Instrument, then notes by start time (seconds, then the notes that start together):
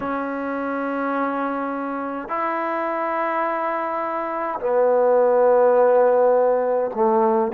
trombone
0.00 C#4
2.28 E4
4.59 B3
6.94 A3